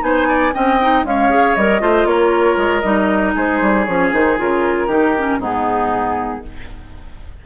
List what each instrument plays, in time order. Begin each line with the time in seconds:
0.00 bassoon B3, clarinet D#4, oboe C5, flute G#5
0.28 oboe D5
0.52 bassoon C4, clarinet C#4, oboe D#5, flute G5
0.81 clarinet D#4
1.04 clarinet G#3, bassoon C#4, oboe C#5, flute F5
1.30 clarinet G#4
1.55 bassoon G3, clarinet A#4, flute D#5
1.80 bassoon A3, clarinet F4, oboe C5
2.05 bassoon A#3, oboe A#4, flute C#5
2.57 bassoon G#3
2.80 bassoon G3, clarinet D#4, flute D#5
3.35 bassoon G#3, oboe G#4, flute C5
3.61 bassoon G3
3.84 bassoon F3, clarinet C#4, flute C#5
4.12 bassoon D#3, clarinet D#4, flute C5
4.38 bassoon C#3, clarinet F4, flute A#4
4.87 bassoon D#3, clarinet D#4, oboe G4
5.17 clarinet C#4
5.38 bassoon G#2, clarinet B3, oboe D#4, flute G#4